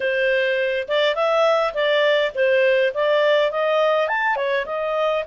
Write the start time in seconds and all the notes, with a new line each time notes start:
0.00 C5
0.88 D5
1.15 E5
1.73 D5
2.34 C5
2.94 D5
3.51 D#5
4.08 A5
4.36 C#5
4.65 D#5